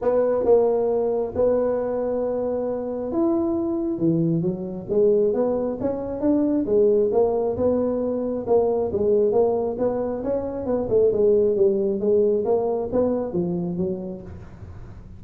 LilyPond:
\new Staff \with { instrumentName = "tuba" } { \time 4/4 \tempo 4 = 135 b4 ais2 b4~ | b2. e'4~ | e'4 e4 fis4 gis4 | b4 cis'4 d'4 gis4 |
ais4 b2 ais4 | gis4 ais4 b4 cis'4 | b8 a8 gis4 g4 gis4 | ais4 b4 f4 fis4 | }